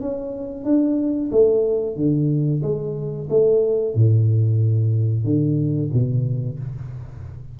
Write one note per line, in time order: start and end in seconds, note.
0.00 0.64 C#4
0.64 1.30 D4
1.31 1.96 A3
1.96 2.62 D3
2.62 3.28 G#3
3.29 3.94 A3
3.94 5.24 A2
5.24 5.90 D3
5.93 6.59 B2